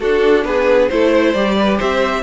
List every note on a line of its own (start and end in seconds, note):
0.00 0.90 D4
0.00 0.44 D4
0.00 0.45 F#4
0.00 0.45 A4
0.44 0.89 B3
0.44 0.92 G#4
0.44 0.89 B4
0.89 1.35 A3
0.89 1.36 E4
0.89 1.11 A4
0.89 1.33 C5
1.11 1.56 C5
1.33 1.80 G3
1.33 2.23 G4
1.33 1.78 D5
1.60 1.78 B4
1.78 2.23 C4
1.78 2.22 C5
1.78 2.23 E5